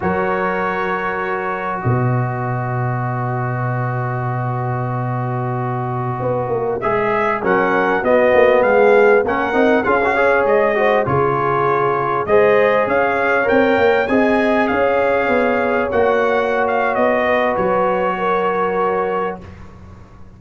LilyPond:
<<
  \new Staff \with { instrumentName = "trumpet" } { \time 4/4 \tempo 4 = 99 cis''2. dis''4~ | dis''1~ | dis''2.~ dis''16 e''8.~ | e''16 fis''4 dis''4 f''4 fis''8.~ |
fis''16 f''4 dis''4 cis''4.~ cis''16~ | cis''16 dis''4 f''4 g''4 gis''8.~ | gis''16 f''2 fis''4~ fis''16 f''8 | dis''4 cis''2. | }
  \new Staff \with { instrumentName = "horn" } { \time 4/4 ais'2. b'4~ | b'1~ | b'1~ | b'16 ais'4 fis'4 gis'4 ais'8.~ |
ais'16 gis'8 cis''4 c''8 gis'4.~ gis'16~ | gis'16 c''4 cis''2 dis''8.~ | dis''16 cis''2.~ cis''8.~ | cis''8 b'4. ais'2 | }
  \new Staff \with { instrumentName = "trombone" } { \time 4/4 fis'1~ | fis'1~ | fis'2.~ fis'16 gis'8.~ | gis'16 cis'4 b2 cis'8 dis'16~ |
dis'16 f'16 fis'16 gis'4 fis'8 f'4.~ f'16~ | f'16 gis'2 ais'4 gis'8.~ | gis'2~ gis'16 fis'4.~ fis'16~ | fis'1 | }
  \new Staff \with { instrumentName = "tuba" } { \time 4/4 fis2. b,4~ | b,1~ | b,2~ b,16 b8 ais8 gis8.~ | gis16 fis4 b8 ais8 gis4 ais8 c'16~ |
c'16 cis'4 gis4 cis4.~ cis16~ | cis16 gis4 cis'4 c'8 ais8 c'8.~ | c'16 cis'4 b4 ais4.~ ais16 | b4 fis2. | }
>>